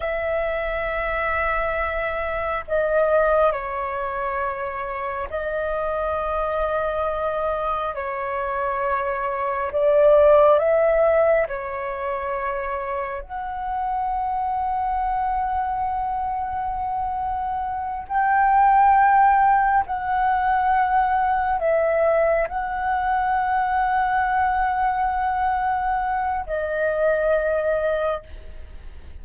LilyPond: \new Staff \with { instrumentName = "flute" } { \time 4/4 \tempo 4 = 68 e''2. dis''4 | cis''2 dis''2~ | dis''4 cis''2 d''4 | e''4 cis''2 fis''4~ |
fis''1~ | fis''8 g''2 fis''4.~ | fis''8 e''4 fis''2~ fis''8~ | fis''2 dis''2 | }